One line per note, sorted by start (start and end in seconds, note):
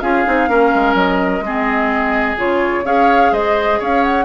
0.00 0.25 C#4
0.00 0.25 F4
0.00 0.49 G#4
0.00 0.94 F5
0.25 0.48 C4
0.25 0.48 D#4
0.48 0.72 A#3
0.48 1.43 C#4
0.48 1.44 A#4
0.75 0.94 G#3
0.94 1.40 F#3
0.94 2.37 D#5
1.40 2.35 G#3
1.40 2.37 C4
1.40 2.85 G#4
2.37 2.84 C#3
2.37 2.84 F4
2.37 2.86 C#5
2.84 3.32 C#4
2.84 4.25 G#4
2.84 3.32 C#5
2.84 3.33 F5
3.32 3.79 G#3
3.32 3.79 C5
3.32 3.81 D#5
3.79 4.25 C#4
3.79 4.25 C#5
3.79 4.04 F5
4.04 4.25 F#5